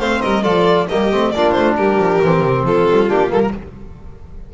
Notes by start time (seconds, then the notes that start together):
0.00 A3 C4 C5 F5
0.22 G3 A#4 D#5
0.43 F3 F4 A4 D5
0.89 G3 A#3 G4 D#5
1.12 A3 C4
1.32 A#3 D4 F4 D5
1.52 A3 C5
1.76 G3 G4 A#4
1.99 F3
2.23 E3 C4
2.41 C3
2.63 F3 F4 A4
2.91 G3
3.09 A#3 D4 G4
3.29 G3 A#3 A4
3.42 A#4